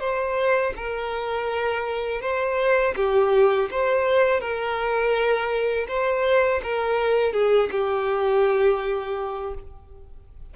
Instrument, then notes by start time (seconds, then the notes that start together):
violin
0.00 C5
0.76 A#4
2.21 C5
2.96 G4
3.71 C5
4.41 A#4
5.88 C5
6.63 A#4
7.33 G#4
7.71 G4